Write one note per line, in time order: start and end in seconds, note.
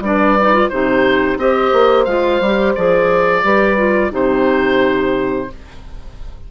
0.00 0.68 G3
0.00 0.38 D4
0.00 0.72 B4
0.00 0.69 D5
0.41 0.53 D#4
0.53 0.70 F4
0.69 1.37 C3
0.69 1.39 D#4
0.69 1.41 G4
0.69 1.38 C5
1.37 1.71 C4
1.37 2.07 G4
1.37 3.45 C5
1.37 2.04 D#5
1.73 2.07 A#3
2.04 2.40 G#3
2.04 2.42 F4
2.04 2.73 F5
2.40 2.75 G3
2.40 2.77 G4
2.75 3.44 F3
2.75 3.43 G#4
2.75 4.12 D5
3.43 4.12 G3
3.43 3.77 G4
3.43 4.12 B4
3.77 4.11 F4
4.11 5.49 C3
4.11 5.47 D#4
4.11 5.48 G4
4.11 5.51 C5